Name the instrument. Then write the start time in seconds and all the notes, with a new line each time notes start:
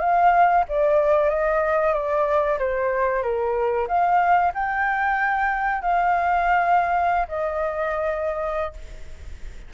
flute
0.00 F5
0.69 D5
1.30 D#5
1.94 D5
2.59 C5
3.23 A#4
3.88 F5
4.55 G5
5.82 F5
7.29 D#5